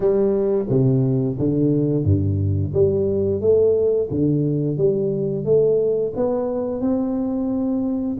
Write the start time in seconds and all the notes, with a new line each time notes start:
0.00 G3
0.69 C3
1.39 D3
2.04 G2
2.74 G3
3.40 A3
4.10 D3
4.77 G3
5.44 A3
6.16 B3
6.80 C4